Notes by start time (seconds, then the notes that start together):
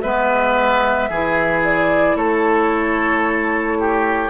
0.00 G#3 B3 B4 E5
1.09 E3 E4 G#4
1.64 D5
2.15 A3 A4 C#5
3.79 G4